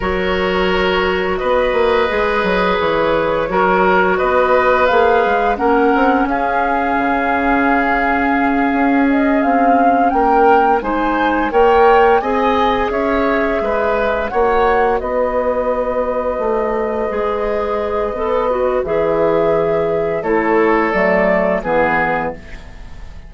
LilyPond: <<
  \new Staff \with { instrumentName = "flute" } { \time 4/4 \tempo 4 = 86 cis''2 dis''2 | cis''2 dis''4 f''4 | fis''4 f''2.~ | f''4 dis''8 f''4 g''4 gis''8~ |
gis''8 g''4 gis''4 e''4.~ | e''8 fis''4 dis''2~ dis''8~ | dis''2. e''4~ | e''4 cis''4 d''4 b'4 | }
  \new Staff \with { instrumentName = "oboe" } { \time 4/4 ais'2 b'2~ | b'4 ais'4 b'2 | ais'4 gis'2.~ | gis'2~ gis'8 ais'4 c''8~ |
c''8 cis''4 dis''4 cis''4 b'8~ | b'8 cis''4 b'2~ b'8~ | b'1~ | b'4 a'2 gis'4 | }
  \new Staff \with { instrumentName = "clarinet" } { \time 4/4 fis'2. gis'4~ | gis'4 fis'2 gis'4 | cis'1~ | cis'2.~ cis'8 dis'8~ |
dis'8 ais'4 gis'2~ gis'8~ | gis'8 fis'2.~ fis'8~ | fis'8 gis'4. a'8 fis'8 gis'4~ | gis'4 e'4 a4 b4 | }
  \new Staff \with { instrumentName = "bassoon" } { \time 4/4 fis2 b8 ais8 gis8 fis8 | e4 fis4 b4 ais8 gis8 | ais8 c'8 cis'4 cis2~ | cis8 cis'4 c'4 ais4 gis8~ |
gis8 ais4 c'4 cis'4 gis8~ | gis8 ais4 b2 a8~ | a8 gis4. b4 e4~ | e4 a4 fis4 e4 | }
>>